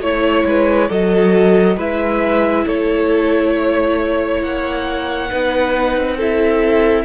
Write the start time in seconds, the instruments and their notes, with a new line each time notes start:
0.00 cello A3, viola E4, violin C#5
0.45 cello G#3, violin B4
0.88 cello F#3, viola F#4, violin A4 D#5
1.76 cello G#3, viola E4, violin B4 E5
2.66 cello A3, violin A4 C#5
3.56 violin C#5
4.42 cello A#3, violin F#5
5.30 cello B3, viola D#4, violin B4
5.97 cello C4
6.17 viola E4, violin A4 E5